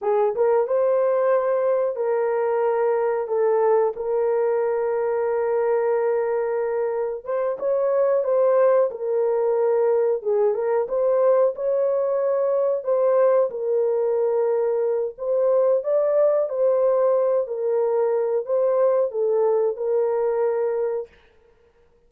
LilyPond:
\new Staff \with { instrumentName = "horn" } { \time 4/4 \tempo 4 = 91 gis'8 ais'8 c''2 ais'4~ | ais'4 a'4 ais'2~ | ais'2. c''8 cis''8~ | cis''8 c''4 ais'2 gis'8 |
ais'8 c''4 cis''2 c''8~ | c''8 ais'2~ ais'8 c''4 | d''4 c''4. ais'4. | c''4 a'4 ais'2 | }